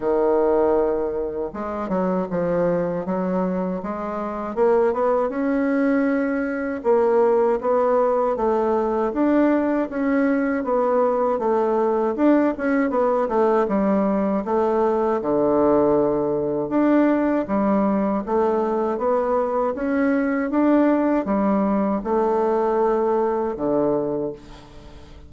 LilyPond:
\new Staff \with { instrumentName = "bassoon" } { \time 4/4 \tempo 4 = 79 dis2 gis8 fis8 f4 | fis4 gis4 ais8 b8 cis'4~ | cis'4 ais4 b4 a4 | d'4 cis'4 b4 a4 |
d'8 cis'8 b8 a8 g4 a4 | d2 d'4 g4 | a4 b4 cis'4 d'4 | g4 a2 d4 | }